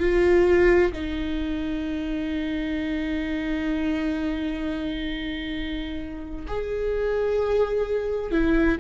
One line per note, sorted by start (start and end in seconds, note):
0.00 0.92 F4
0.93 6.47 D#4
6.47 8.32 G#4
8.32 8.78 E4